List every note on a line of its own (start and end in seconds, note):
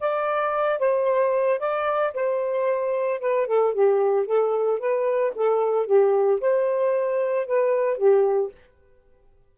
0.00 0.79 D5
0.79 1.59 C5
1.59 2.13 D5
2.14 3.20 C5
3.20 3.47 B4
3.47 3.74 A4
3.74 4.26 G4
4.26 4.79 A4
4.79 5.33 B4
5.35 5.86 A4
5.86 6.40 G4
6.41 7.47 C5
7.47 7.97 B4
7.97 8.51 G4